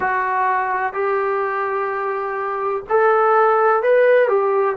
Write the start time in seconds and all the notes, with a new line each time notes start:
0.00 F#4
0.93 G4
2.89 A4
3.82 B4
4.28 G4